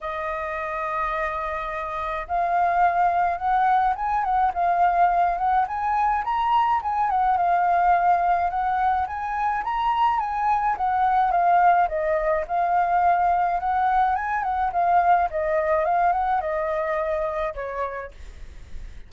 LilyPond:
\new Staff \with { instrumentName = "flute" } { \time 4/4 \tempo 4 = 106 dis''1 | f''2 fis''4 gis''8 fis''8 | f''4. fis''8 gis''4 ais''4 | gis''8 fis''8 f''2 fis''4 |
gis''4 ais''4 gis''4 fis''4 | f''4 dis''4 f''2 | fis''4 gis''8 fis''8 f''4 dis''4 | f''8 fis''8 dis''2 cis''4 | }